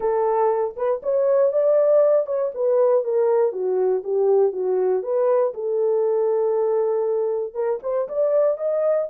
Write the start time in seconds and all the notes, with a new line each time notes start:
0.00 A4
0.76 B4
1.02 C#5
1.52 D5
2.26 C#5
2.54 B4
3.04 A#4
3.52 F#4
4.03 G4
4.52 F#4
5.02 B4
5.53 A4
7.54 A#4
7.83 C5
8.08 D5
8.57 D#5